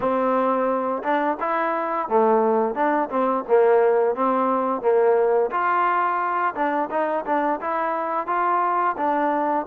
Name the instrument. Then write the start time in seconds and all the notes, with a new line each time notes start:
trombone
0.00 C4
1.03 D4
1.39 E4
2.08 A3
2.74 D4
3.09 C4
3.48 A#3
4.15 C4
4.81 A#3
5.50 F4
6.55 D4
6.90 D#4
7.25 D4
7.61 E4
8.27 F4
8.97 D4